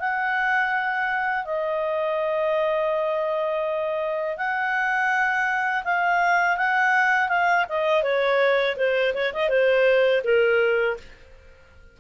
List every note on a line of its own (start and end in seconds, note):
0.00 1.45 F#5
1.45 4.38 D#5
4.38 5.84 F#5
5.85 6.58 F5
6.58 7.29 F#5
7.29 7.66 F5
7.69 8.03 D#5
8.03 8.76 C#5
8.77 9.14 C5
9.15 9.33 C#5
9.34 9.49 D#5
9.49 10.22 C5
10.24 10.98 A#4